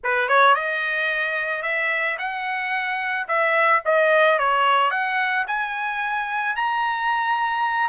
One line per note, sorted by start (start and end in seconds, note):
0.03 0.28 B4
0.28 0.55 C#5
0.55 1.62 D#5
1.62 2.17 E5
2.18 3.27 F#5
3.28 3.82 E5
3.85 4.38 D#5
4.38 4.91 C#5
4.91 5.45 F#5
5.47 6.56 G#5
6.56 7.89 A#5